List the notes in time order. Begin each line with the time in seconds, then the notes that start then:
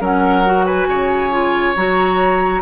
0.00 F#3 C#4 A#4 F#5
0.45 F#4
0.65 B4 G#5
0.87 C#3 C#5
1.31 F4
1.76 F#3 F#4 A#5